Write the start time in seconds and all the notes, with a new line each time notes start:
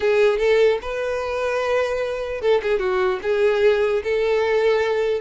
0.00 G#4
0.38 A4
0.81 B4
2.41 A4
2.62 G#4
2.79 F#4
3.22 G#4
4.03 A4